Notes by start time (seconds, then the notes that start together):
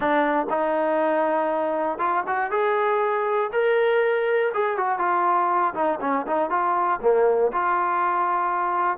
0.00 D4
0.49 D#4
1.98 F4
2.26 F#4
2.50 G#4
3.52 A#4
4.53 G#4
4.77 F#4
4.99 F4
5.74 D#4
6.00 C#4
6.27 D#4
6.50 F4
7.01 A#3
7.52 F4